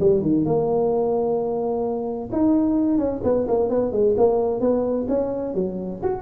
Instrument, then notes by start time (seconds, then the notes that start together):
tuba
0.00 G3
0.22 D#3
0.45 A#3
2.32 D#4
2.98 C#4
3.23 B3
3.48 A#3
3.69 B3
3.92 G#3
4.17 A#3
4.60 B3
5.08 C#4
5.54 F#3
6.03 F#4